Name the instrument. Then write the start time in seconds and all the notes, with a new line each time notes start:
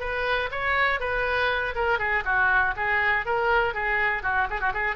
oboe
0.00 B4
0.51 C#5
1.00 B4
1.76 A#4
1.99 G#4
2.25 F#4
2.77 G#4
3.26 A#4
3.74 G#4
4.23 F#4
4.50 G#4
4.61 F#4
4.74 G#4